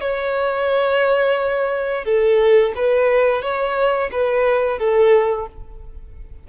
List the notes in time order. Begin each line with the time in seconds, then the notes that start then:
0.00 C#5
2.04 A4
2.75 B4
3.42 C#5
4.12 B4
4.79 A4